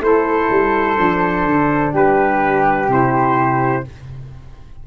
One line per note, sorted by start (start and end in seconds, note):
0.00 0.48 A3
0.00 0.96 E4
0.00 1.93 A4
0.00 1.94 C5
0.50 0.98 G3
0.96 1.46 F3
0.96 2.86 D4
1.46 1.93 D3
1.93 2.88 G3
1.93 3.83 G4
1.93 2.91 B4
2.88 3.83 C3
2.88 3.84 E4
2.88 3.87 C5